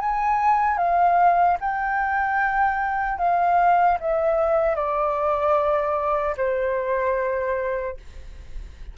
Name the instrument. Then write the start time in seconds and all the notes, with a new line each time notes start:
flute
0.00 G#5
0.77 F5
1.60 G5
3.18 F5
4.00 E5
4.76 D5
6.37 C5